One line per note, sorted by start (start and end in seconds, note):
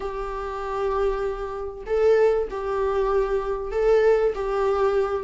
0.00 1.84 G4
1.86 2.48 A4
2.50 3.71 G4
3.71 4.33 A4
4.34 5.23 G4